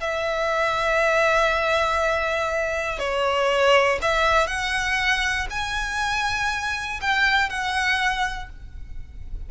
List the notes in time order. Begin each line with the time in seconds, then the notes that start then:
0.00 E5
2.99 C#5
4.01 E5
4.47 F#5
5.50 G#5
7.01 G5
7.49 F#5